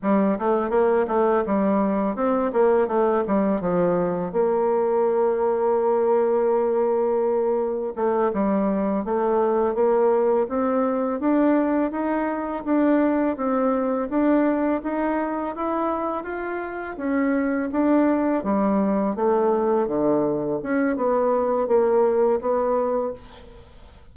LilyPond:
\new Staff \with { instrumentName = "bassoon" } { \time 4/4 \tempo 4 = 83 g8 a8 ais8 a8 g4 c'8 ais8 | a8 g8 f4 ais2~ | ais2. a8 g8~ | g8 a4 ais4 c'4 d'8~ |
d'8 dis'4 d'4 c'4 d'8~ | d'8 dis'4 e'4 f'4 cis'8~ | cis'8 d'4 g4 a4 d8~ | d8 cis'8 b4 ais4 b4 | }